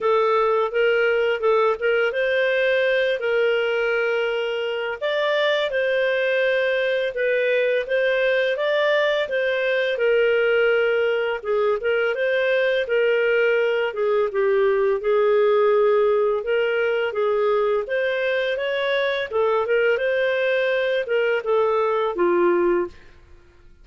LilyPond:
\new Staff \with { instrumentName = "clarinet" } { \time 4/4 \tempo 4 = 84 a'4 ais'4 a'8 ais'8 c''4~ | c''8 ais'2~ ais'8 d''4 | c''2 b'4 c''4 | d''4 c''4 ais'2 |
gis'8 ais'8 c''4 ais'4. gis'8 | g'4 gis'2 ais'4 | gis'4 c''4 cis''4 a'8 ais'8 | c''4. ais'8 a'4 f'4 | }